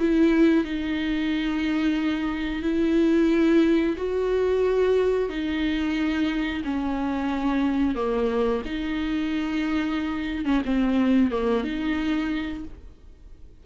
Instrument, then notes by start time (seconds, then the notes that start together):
viola
0.00 E4
0.65 D#4
2.63 E4
3.97 F#4
5.30 D#4
6.65 C#4
7.96 A#3
8.66 D#4
10.46 C#4
10.66 C4
11.32 A#3
11.65 D#4